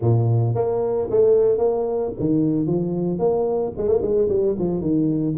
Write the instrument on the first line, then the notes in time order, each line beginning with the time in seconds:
tuba
0.01 A#2
0.55 A#3
1.10 A3
1.58 A#3
2.19 D#3
2.66 F3
3.19 A#3
3.77 G#3
3.87 A#3
4.01 G#3
4.28 G3
4.58 F3
4.81 D#3